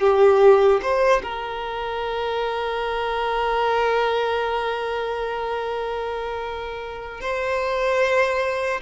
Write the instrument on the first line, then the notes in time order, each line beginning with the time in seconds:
violin
0.00 G4
0.82 C5
1.22 A#4
7.20 C5